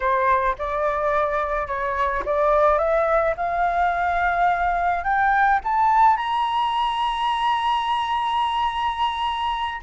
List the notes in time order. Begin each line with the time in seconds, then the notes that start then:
0.00 C5
0.58 D5
1.67 C#5
2.25 D5
2.78 E5
3.36 F5
5.03 G5
5.64 A5
6.17 A#5